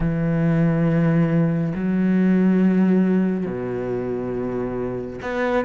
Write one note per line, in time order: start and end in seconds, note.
0.00 1.73 E3
1.74 3.46 F#3
3.46 5.20 B2
5.22 5.65 B3